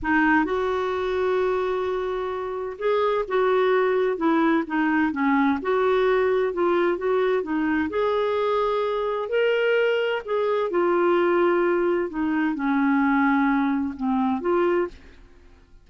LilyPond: \new Staff \with { instrumentName = "clarinet" } { \time 4/4 \tempo 4 = 129 dis'4 fis'2.~ | fis'2 gis'4 fis'4~ | fis'4 e'4 dis'4 cis'4 | fis'2 f'4 fis'4 |
dis'4 gis'2. | ais'2 gis'4 f'4~ | f'2 dis'4 cis'4~ | cis'2 c'4 f'4 | }